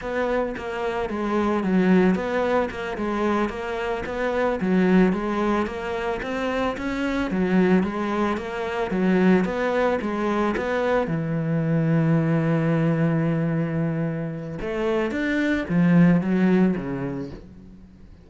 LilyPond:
\new Staff \with { instrumentName = "cello" } { \time 4/4 \tempo 4 = 111 b4 ais4 gis4 fis4 | b4 ais8 gis4 ais4 b8~ | b8 fis4 gis4 ais4 c'8~ | c'8 cis'4 fis4 gis4 ais8~ |
ais8 fis4 b4 gis4 b8~ | b8 e2.~ e8~ | e2. a4 | d'4 f4 fis4 cis4 | }